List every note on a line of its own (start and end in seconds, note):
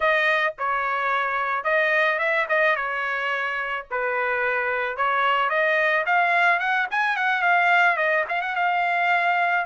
0.00 0.54 D#5
0.58 1.64 C#5
1.64 2.18 D#5
2.18 2.46 E5
2.48 2.76 D#5
2.76 3.86 C#5
3.90 4.96 B4
4.96 5.49 C#5
5.49 6.04 D#5
6.06 6.59 F5
6.59 6.87 F#5
6.91 7.16 G#5
7.16 7.42 F#5
7.42 7.97 F5
7.97 8.24 D#5
8.28 8.41 F5
8.41 8.55 F#5
8.55 9.65 F5